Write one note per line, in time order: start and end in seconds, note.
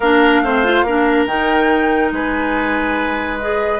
0.00 0.41 A#3
0.00 0.45 D4
0.00 0.41 A#4
0.00 1.25 F5
0.41 0.83 A3
0.41 0.64 C4
0.41 0.85 C5
0.64 0.85 F4
0.83 1.25 A#3
0.83 1.28 D4
0.83 2.13 A#4
1.26 2.11 D#3
1.26 3.41 D#4
1.26 2.11 G5
2.11 3.79 G#3
2.11 3.79 B4
2.11 3.39 G#5
3.39 3.79 G#4
3.39 3.79 D#5